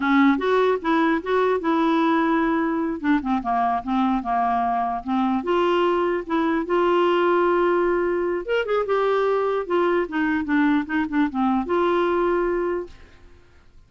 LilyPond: \new Staff \with { instrumentName = "clarinet" } { \time 4/4 \tempo 4 = 149 cis'4 fis'4 e'4 fis'4 | e'2.~ e'8 d'8 | c'8 ais4 c'4 ais4.~ | ais8 c'4 f'2 e'8~ |
e'8 f'2.~ f'8~ | f'4 ais'8 gis'8 g'2 | f'4 dis'4 d'4 dis'8 d'8 | c'4 f'2. | }